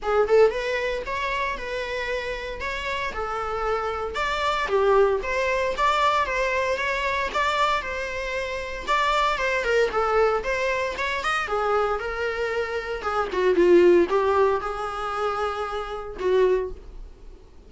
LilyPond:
\new Staff \with { instrumentName = "viola" } { \time 4/4 \tempo 4 = 115 gis'8 a'8 b'4 cis''4 b'4~ | b'4 cis''4 a'2 | d''4 g'4 c''4 d''4 | c''4 cis''4 d''4 c''4~ |
c''4 d''4 c''8 ais'8 a'4 | c''4 cis''8 dis''8 gis'4 ais'4~ | ais'4 gis'8 fis'8 f'4 g'4 | gis'2. fis'4 | }